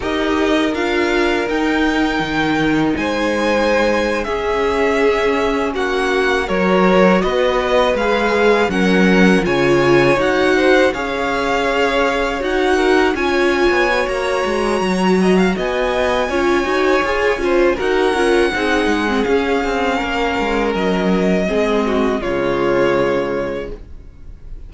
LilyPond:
<<
  \new Staff \with { instrumentName = "violin" } { \time 4/4 \tempo 4 = 81 dis''4 f''4 g''2 | gis''4.~ gis''16 e''2 fis''16~ | fis''8. cis''4 dis''4 f''4 fis''16~ | fis''8. gis''4 fis''4 f''4~ f''16~ |
f''8. fis''4 gis''4~ gis''16 ais''4~ | ais''4 gis''2. | fis''2 f''2 | dis''2 cis''2 | }
  \new Staff \with { instrumentName = "violin" } { \time 4/4 ais'1 | c''4.~ c''16 gis'2 fis'16~ | fis'8. ais'4 b'2 ais'16~ | ais'8. cis''4. c''8 cis''4~ cis''16~ |
cis''4~ cis''16 ais'8 cis''2~ cis''16~ | cis''8 dis''16 f''16 dis''4 cis''4. c''8 | ais'4 gis'2 ais'4~ | ais'4 gis'8 fis'8 f'2 | }
  \new Staff \with { instrumentName = "viola" } { \time 4/4 g'4 f'4 dis'2~ | dis'4.~ dis'16 cis'2~ cis'16~ | cis'8. fis'2 gis'4 cis'16~ | cis'8. f'4 fis'4 gis'4~ gis'16~ |
gis'8. fis'4 f'4 fis'4~ fis'16~ | fis'2 f'8 fis'8 gis'8 f'8 | fis'8 f'8 dis'8. c'16 cis'2~ | cis'4 c'4 gis2 | }
  \new Staff \with { instrumentName = "cello" } { \time 4/4 dis'4 d'4 dis'4 dis4 | gis4.~ gis16 cis'2 ais16~ | ais8. fis4 b4 gis4 fis16~ | fis8. cis4 dis'4 cis'4~ cis'16~ |
cis'8. dis'4 cis'8. b8 ais8 gis8 | fis4 b4 cis'8 dis'8 f'8 cis'8 | dis'8 cis'8 c'8 gis8 cis'8 c'8 ais8 gis8 | fis4 gis4 cis2 | }
>>